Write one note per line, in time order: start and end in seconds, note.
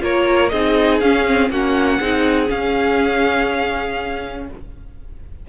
0.00 0.51 A#3
0.00 0.50 F4
0.00 0.52 A#4
0.00 0.49 C#5
0.49 1.01 C4
0.49 1.03 D#4
0.49 1.51 G#4
0.49 0.99 D#5
1.00 1.50 C#4
1.00 1.26 C#4
1.00 1.50 F5
1.26 1.51 C4
1.50 1.99 A#3
1.50 2.02 C#4
1.50 1.99 F#4
1.50 2.50 F#5
1.99 2.50 C4
1.99 2.47 D#4
1.99 4.46 G#4
2.47 4.45 C#4
2.47 4.49 C#4
2.47 4.48 F5